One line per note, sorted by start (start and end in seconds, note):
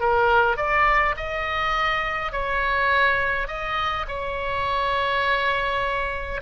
0.00 0.57 A#4
0.57 1.15 D5
1.17 2.32 D#5
2.32 3.48 C#5
3.48 4.06 D#5
4.08 6.41 C#5